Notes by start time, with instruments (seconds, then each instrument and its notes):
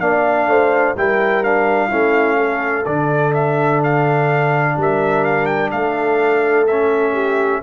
0.00 tuba A#3, trombone D4, horn D5, trumpet F5
0.47 tuba A3, horn C5
0.96 tuba G3, trombone E4, horn A#4, trumpet G5
1.43 trombone D4, trumpet F5
1.88 tuba A3, trombone C#4, horn E4
2.37 horn A4
2.85 tuba D3, trombone D4, trumpet D5
3.34 trumpet E5
3.83 trumpet F5
4.77 tuba G3, horn A#4, trumpet E5
5.24 trumpet F5
5.46 trumpet G5
5.71 tuba A3, horn A4, trumpet F5
6.67 trombone C#4, trumpet E5
7.13 horn G4